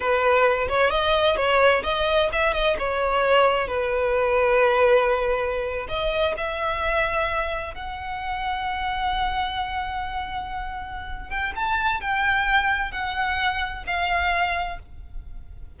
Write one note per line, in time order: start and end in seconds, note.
0.00 0.68 B4
0.68 0.90 C#5
0.90 1.36 D#5
1.36 1.82 C#5
1.83 2.29 D#5
2.32 2.53 E5
2.53 2.76 D#5
2.79 3.67 C#5
3.67 5.86 B4
5.88 6.34 D#5
6.37 7.74 E5
7.74 11.30 F#5
11.30 11.53 G5
11.55 12.00 A5
12.00 12.91 G5
12.91 13.84 F#5
13.86 14.79 F5